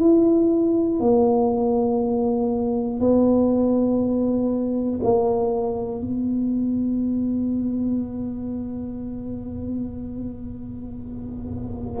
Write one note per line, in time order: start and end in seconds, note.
0.00 1.00 E4
1.00 3.00 A#3
3.00 5.00 B3
5.03 6.00 A#3
6.00 12.00 B3